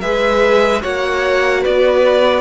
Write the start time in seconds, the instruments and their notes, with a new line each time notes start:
0.00 cello G#3, viola G#4, violin B4 E5
0.81 cello A#3, viola F#4, violin C#5 F#5
1.61 cello B3, violin B4 D5